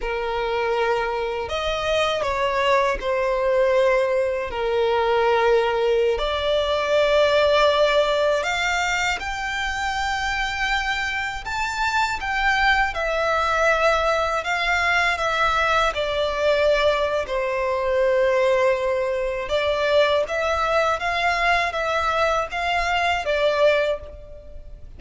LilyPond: \new Staff \with { instrumentName = "violin" } { \time 4/4 \tempo 4 = 80 ais'2 dis''4 cis''4 | c''2 ais'2~ | ais'16 d''2. f''8.~ | f''16 g''2. a''8.~ |
a''16 g''4 e''2 f''8.~ | f''16 e''4 d''4.~ d''16 c''4~ | c''2 d''4 e''4 | f''4 e''4 f''4 d''4 | }